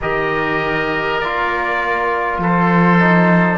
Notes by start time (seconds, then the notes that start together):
0.01 D#3 G4 A#4 D#5
1.19 A#3 F4 D5
2.38 F3 A4 C5
2.99 D#4